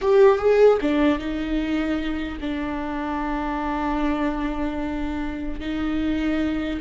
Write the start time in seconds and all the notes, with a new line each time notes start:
0.01 G4
0.38 G#4
0.81 D4
1.18 D#4
2.40 D4
5.59 D#4